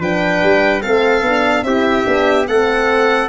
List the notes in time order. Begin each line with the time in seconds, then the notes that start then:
0.00 F3 D4 B4 G5
0.43 G3
0.82 A3 C4 A4 F5
1.22 B3 D4
1.64 C4 E4 G4 E5
2.06 B3 D4
2.48 A3 C4 A4 F#5